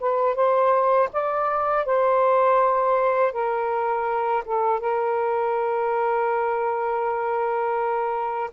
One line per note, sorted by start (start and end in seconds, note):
0.00 0.35 B4
0.35 1.09 C5
1.13 1.86 D5
1.86 3.33 C5
3.33 4.44 A#4
4.45 4.80 A4
4.80 8.51 A#4